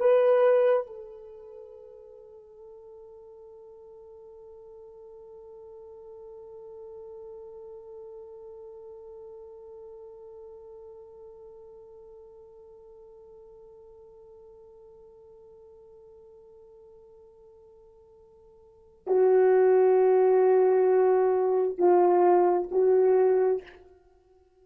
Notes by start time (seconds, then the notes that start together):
0.00 B4
0.87 A4
19.07 F#4
21.78 F4
22.71 F#4